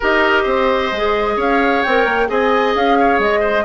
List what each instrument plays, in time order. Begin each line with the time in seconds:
0.00 bassoon D#4, clarinet G4, oboe A#4, flute D#5
0.42 bassoon C4, oboe C5
0.91 bassoon G#3, clarinet G#4
1.36 bassoon C#4, oboe C#5, flute F5
1.82 bassoon C4, clarinet A#4, flute G5
2.05 bassoon A#3
2.27 bassoon C4, clarinet G#4, oboe D#5, flute G#5
2.75 bassoon C#4, flute F5
2.99 oboe C#5
3.18 bassoon G#3, flute D#5
3.40 oboe C5